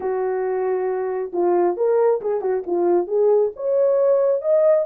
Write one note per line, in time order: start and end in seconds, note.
0.00 1.32 F#4
1.33 1.76 F4
1.76 2.21 A#4
2.21 2.41 G#4
2.41 2.63 F#4
2.66 3.07 F4
3.07 3.51 G#4
3.56 4.41 C#5
4.41 4.85 D#5